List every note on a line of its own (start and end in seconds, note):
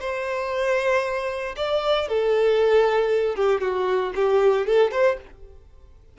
0.00 1.55 C5
1.57 2.08 D5
2.09 3.36 A4
3.36 3.61 G4
3.61 4.13 F#4
4.15 4.66 G4
4.66 4.91 A4
4.91 5.17 C5